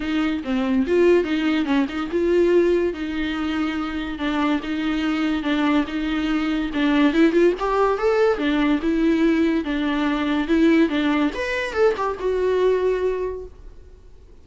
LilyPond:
\new Staff \with { instrumentName = "viola" } { \time 4/4 \tempo 4 = 143 dis'4 c'4 f'4 dis'4 | cis'8 dis'8 f'2 dis'4~ | dis'2 d'4 dis'4~ | dis'4 d'4 dis'2 |
d'4 e'8 f'8 g'4 a'4 | d'4 e'2 d'4~ | d'4 e'4 d'4 b'4 | a'8 g'8 fis'2. | }